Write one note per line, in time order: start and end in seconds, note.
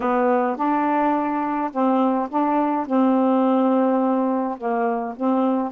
0.00 0.56 B3
0.56 1.70 D4
1.71 2.29 C4
2.29 2.86 D4
2.86 4.57 C4
4.57 5.14 A#3
5.16 5.72 C4